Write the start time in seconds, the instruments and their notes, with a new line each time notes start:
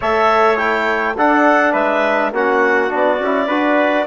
0.00 bassoon A3, trombone A4, trumpet C#5, clarinet E5
0.56 trombone E4, clarinet G5
1.17 bassoon D4, trombone D4, trumpet A4, clarinet F#5
1.72 bassoon G#3, trumpet B4, clarinet E5
2.31 bassoon A#3, trombone C#4, trumpet F#4, clarinet F#5
2.88 bassoon B3, trombone D4, clarinet D5
3.19 bassoon C#4, trombone E4
3.46 bassoon D4, trombone F#4, trumpet B4